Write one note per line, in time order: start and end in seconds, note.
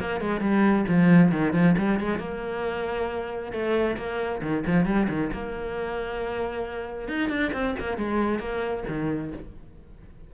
0.00 0.21 A#3
0.21 0.41 G#3
0.41 0.85 G3
0.88 1.32 F3
1.32 1.53 D#3
1.53 1.76 F3
1.78 2.00 G3
2.00 2.19 G#3
2.19 3.52 A#3
3.52 3.97 A3
3.97 4.42 A#3
4.42 4.64 D#3
4.67 4.86 F3
4.86 5.08 G3
5.09 5.31 D#3
5.33 7.08 A#3
7.08 7.29 D#4
7.29 7.52 D4
7.53 7.75 C4
7.79 7.97 A#3
7.97 8.39 G#3
8.39 8.84 A#3
8.88 9.33 D#3